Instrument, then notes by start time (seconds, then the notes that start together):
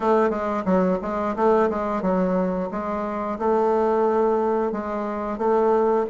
bassoon
0.00 A3
0.29 G#3
0.65 F#3
1.01 G#3
1.36 A3
1.69 G#3
2.02 F#3
2.71 G#3
3.38 A3
4.72 G#3
5.38 A3